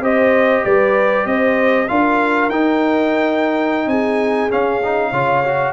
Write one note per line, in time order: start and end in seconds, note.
0.00 0.62 C4
0.00 1.87 G4
0.00 0.64 C5
0.00 0.64 D#5
0.64 1.25 G3
0.64 1.26 B4
0.64 1.26 D5
1.25 1.87 C4
1.25 1.90 C5
1.25 1.88 D#5
1.88 2.49 D4
1.88 2.50 F4
1.88 3.89 A#4
1.88 2.49 F5
2.49 3.86 D#4
2.49 4.50 D#4
2.49 3.88 G5
3.86 4.48 C4
3.86 5.09 G#4
3.86 4.50 G#5
4.50 4.81 C#4
4.50 5.11 C#4
4.50 5.72 F5
4.83 5.13 D#4
5.09 5.72 C#3
5.09 5.44 F4
5.09 5.71 C#5
5.44 5.72 F#4